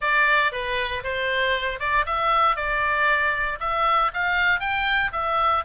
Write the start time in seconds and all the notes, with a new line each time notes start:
0.01 D5
0.52 B4
1.03 C5
1.79 D5
2.06 E5
2.56 D5
3.60 E5
4.13 F5
4.59 G5
5.12 E5